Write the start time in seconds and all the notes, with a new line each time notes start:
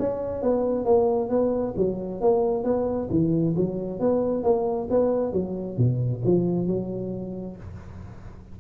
0.00 C#4
0.43 B3
0.85 A#3
1.30 B3
1.77 F#3
2.21 A#3
2.64 B3
3.11 E3
3.57 F#3
4.00 B3
4.44 A#3
4.91 B3
5.33 F#3
5.78 B2
6.25 F3
6.68 F#3